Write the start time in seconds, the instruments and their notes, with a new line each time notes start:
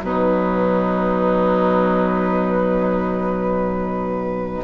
0.00 bassoon B2, clarinet F#3, oboe D#4, flute B4